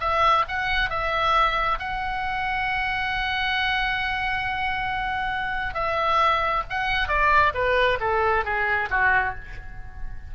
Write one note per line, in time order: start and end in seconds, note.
0.00 0.44 E5
0.48 0.89 F#5
0.89 1.78 E5
1.79 5.74 F#5
5.74 6.63 E5
6.70 7.08 F#5
7.08 7.53 D5
7.54 7.98 B4
8.00 8.44 A4
8.44 8.89 G#4
8.90 9.34 F#4